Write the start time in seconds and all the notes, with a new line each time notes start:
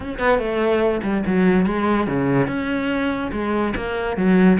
0.00 C#4
0.18 B3
0.38 A3
1.02 G3
1.26 F#3
1.66 G#3
2.07 C#3
2.47 C#4
3.32 G#3
3.76 A#3
4.16 F#3